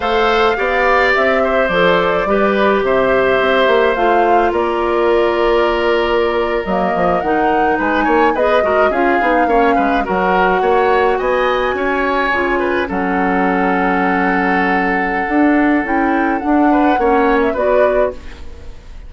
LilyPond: <<
  \new Staff \with { instrumentName = "flute" } { \time 4/4 \tempo 4 = 106 f''2 e''4 d''4~ | d''4 e''2 f''4 | d''2.~ d''8. dis''16~ | dis''8. fis''4 gis''4 dis''4 f''16~ |
f''4.~ f''16 fis''2 gis''16~ | gis''2~ gis''8. fis''4~ fis''16~ | fis''1 | g''4 fis''4.~ fis''16 e''16 d''4 | }
  \new Staff \with { instrumentName = "oboe" } { \time 4/4 c''4 d''4. c''4. | b'4 c''2. | ais'1~ | ais'4.~ ais'16 b'8 cis''8 b'8 ais'8 gis'16~ |
gis'8. cis''8 b'8 ais'4 cis''4 dis''16~ | dis''8. cis''4. b'8 a'4~ a'16~ | a'1~ | a'4. b'8 cis''4 b'4 | }
  \new Staff \with { instrumentName = "clarinet" } { \time 4/4 a'4 g'2 a'4 | g'2. f'4~ | f'2.~ f'8. ais16~ | ais8. dis'2 gis'8 fis'8 f'16~ |
f'16 dis'8 cis'4 fis'2~ fis'16~ | fis'4.~ fis'16 f'4 cis'4~ cis'16~ | cis'2. d'4 | e'4 d'4 cis'4 fis'4 | }
  \new Staff \with { instrumentName = "bassoon" } { \time 4/4 a4 b4 c'4 f4 | g4 c4 c'8 ais8 a4 | ais2.~ ais8. fis16~ | fis16 f8 dis4 gis8 ais8 b8 gis8 cis'16~ |
cis'16 b8 ais8 gis8 fis4 ais4 b16~ | b8. cis'4 cis4 fis4~ fis16~ | fis2. d'4 | cis'4 d'4 ais4 b4 | }
>>